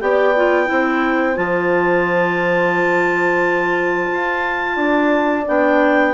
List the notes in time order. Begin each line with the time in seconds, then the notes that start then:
0.00 B3 G4 D5 G5
0.36 F4
0.66 C4 E4 C5
1.34 F3 F4 A5
4.12 F4
4.76 D4 D5
5.46 B3 D4 G5